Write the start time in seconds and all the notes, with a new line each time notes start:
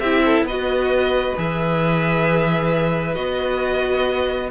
0.00 C4 E4 G4 E5
0.25 A4
0.42 B3 B4 D#5
0.49 F#4
1.37 E3 G#4 E5
3.14 B3 F#4 D#5